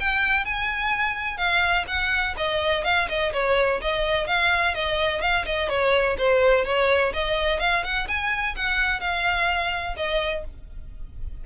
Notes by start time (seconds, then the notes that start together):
0.00 G5
0.45 G#5
1.37 F5
1.87 F#5
2.37 D#5
2.85 F5
3.09 D#5
3.33 C#5
3.81 D#5
4.27 F5
4.75 D#5
5.22 F5
5.46 D#5
5.69 C#5
6.18 C5
6.65 C#5
7.14 D#5
7.60 F5
7.84 F#5
8.08 G#5
8.56 F#5
9.00 F5
9.97 D#5